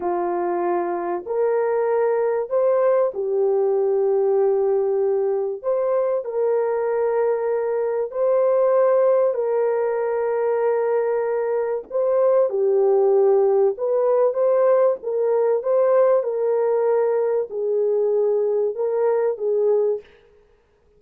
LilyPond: \new Staff \with { instrumentName = "horn" } { \time 4/4 \tempo 4 = 96 f'2 ais'2 | c''4 g'2.~ | g'4 c''4 ais'2~ | ais'4 c''2 ais'4~ |
ais'2. c''4 | g'2 b'4 c''4 | ais'4 c''4 ais'2 | gis'2 ais'4 gis'4 | }